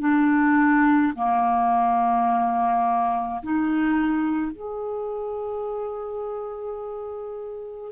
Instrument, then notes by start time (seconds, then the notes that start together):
clarinet
0.00 D4
1.15 A#3
3.43 D#4
4.52 G#4